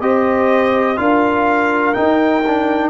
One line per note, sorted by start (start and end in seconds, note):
0.00 0.98 C4
0.00 0.97 G4
0.00 0.97 C5
0.00 0.98 D#5
0.97 1.95 D4
0.97 1.94 F4
0.97 2.90 A#4
0.97 1.94 F5
1.94 2.43 D#4
1.94 2.90 D#4
1.94 2.90 G5
2.47 2.90 D4